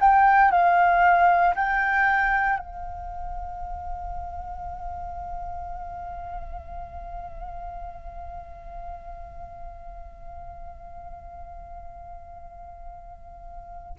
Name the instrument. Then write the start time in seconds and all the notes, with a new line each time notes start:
flute
0.00 G5
0.51 F5
1.55 G5
2.58 F5